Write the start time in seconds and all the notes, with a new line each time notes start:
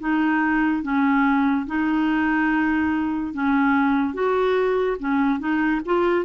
0.00 D#4
0.83 C#4
1.67 D#4
3.34 C#4
4.14 F#4
5.00 C#4
5.40 D#4
5.86 F4